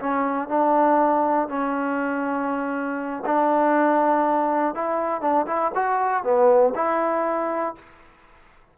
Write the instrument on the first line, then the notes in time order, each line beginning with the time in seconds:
trombone
0.00 C#4
0.49 D4
1.49 C#4
3.26 D4
4.75 E4
5.22 D4
5.47 E4
5.75 F#4
6.24 B3
6.75 E4